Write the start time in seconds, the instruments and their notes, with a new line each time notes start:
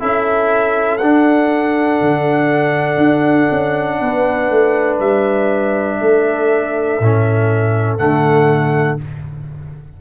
0.00 tuba C#4, trombone E4, horn A4, trumpet E5
0.98 tuba D4, trombone D4, trumpet F#5
2.01 tuba D3
2.98 tuba D4
3.51 tuba C#4
4.00 tuba B3, horn B4
4.50 tuba A3
5.00 tuba G3, trumpet E5
6.01 tuba A3, horn A4
7.00 tuba A2, trombone C#4
7.98 tuba D3, trombone A3, trumpet F#5